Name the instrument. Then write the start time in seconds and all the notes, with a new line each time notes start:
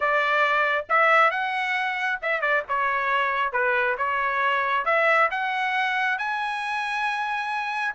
trumpet
0.00 D5
0.89 E5
1.30 F#5
2.21 E5
2.41 D5
2.68 C#5
3.52 B4
3.97 C#5
4.85 E5
5.30 F#5
6.18 G#5